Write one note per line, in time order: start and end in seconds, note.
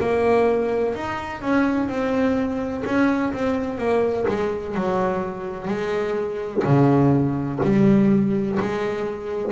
0.00 0.95 A#3
0.95 1.42 D#4
1.42 1.88 C#4
1.88 2.84 C4
2.85 3.33 C#4
3.33 3.78 C4
3.78 4.26 A#3
4.28 4.75 G#3
4.75 5.68 F#3
5.68 6.63 G#3
6.65 7.60 C#3
7.63 8.58 G3
8.60 9.52 G#3